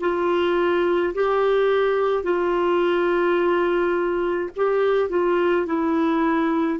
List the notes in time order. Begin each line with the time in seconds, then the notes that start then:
0.00 F4
1.14 G4
2.23 F4
4.56 G4
5.09 F4
5.66 E4